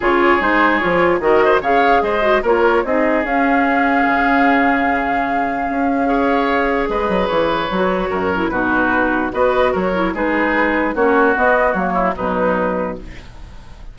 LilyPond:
<<
  \new Staff \with { instrumentName = "flute" } { \time 4/4 \tempo 4 = 148 cis''4 c''4 cis''4 dis''4 | f''4 dis''4 cis''4 dis''4 | f''1~ | f''1~ |
f''4 dis''4 cis''2~ | cis''4 b'2 dis''4 | cis''4 b'2 cis''4 | dis''4 cis''4 b'2 | }
  \new Staff \with { instrumentName = "oboe" } { \time 4/4 gis'2. ais'8 c''8 | cis''4 c''4 ais'4 gis'4~ | gis'1~ | gis'2. cis''4~ |
cis''4 b'2. | ais'4 fis'2 b'4 | ais'4 gis'2 fis'4~ | fis'4. e'8 dis'2 | }
  \new Staff \with { instrumentName = "clarinet" } { \time 4/4 f'4 dis'4 f'4 fis'4 | gis'4. fis'8 f'4 dis'4 | cis'1~ | cis'2. gis'4~ |
gis'2. fis'4~ | fis'8 e'8 dis'2 fis'4~ | fis'8 e'8 dis'2 cis'4 | b4 ais4 fis2 | }
  \new Staff \with { instrumentName = "bassoon" } { \time 4/4 cis4 gis4 f4 dis4 | cis4 gis4 ais4 c'4 | cis'2 cis2~ | cis2 cis'2~ |
cis'4 gis8 fis8 e4 fis4 | fis,4 b,2 b4 | fis4 gis2 ais4 | b4 fis4 b,2 | }
>>